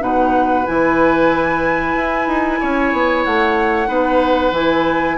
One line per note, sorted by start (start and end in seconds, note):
0.00 0.66 B2
0.00 0.65 D#4
0.00 2.60 B4
0.00 0.66 F#5
0.66 1.95 E3
0.66 3.87 E4
0.66 3.24 G#5
1.95 2.27 E4
2.27 2.59 D#4
2.60 2.93 C#4
2.60 3.88 C#5
2.93 3.25 B3
3.24 3.88 A3
3.24 4.53 F#5
3.87 4.52 B3
3.87 4.52 D#4
3.87 5.17 B4
4.52 5.16 E3
4.52 5.18 E4
4.52 5.18 G#5